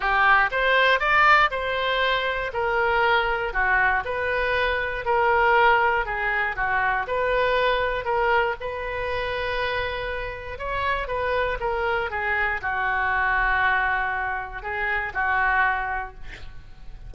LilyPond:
\new Staff \with { instrumentName = "oboe" } { \time 4/4 \tempo 4 = 119 g'4 c''4 d''4 c''4~ | c''4 ais'2 fis'4 | b'2 ais'2 | gis'4 fis'4 b'2 |
ais'4 b'2.~ | b'4 cis''4 b'4 ais'4 | gis'4 fis'2.~ | fis'4 gis'4 fis'2 | }